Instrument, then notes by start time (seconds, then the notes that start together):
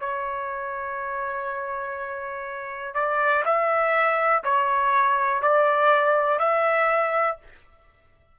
trumpet
0.00 C#5
2.95 D5
3.45 E5
4.44 C#5
5.42 D5
6.39 E5